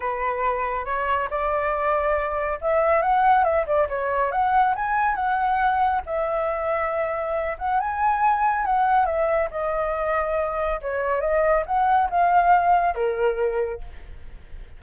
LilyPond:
\new Staff \with { instrumentName = "flute" } { \time 4/4 \tempo 4 = 139 b'2 cis''4 d''4~ | d''2 e''4 fis''4 | e''8 d''8 cis''4 fis''4 gis''4 | fis''2 e''2~ |
e''4. fis''8 gis''2 | fis''4 e''4 dis''2~ | dis''4 cis''4 dis''4 fis''4 | f''2 ais'2 | }